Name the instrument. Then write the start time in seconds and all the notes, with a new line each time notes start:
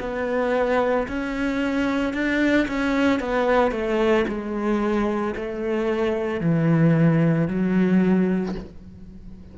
cello
0.00 B3
1.08 C#4
2.13 D4
2.68 C#4
3.20 B3
3.72 A3
4.28 G#3
5.36 A3
6.41 E3
7.48 F#3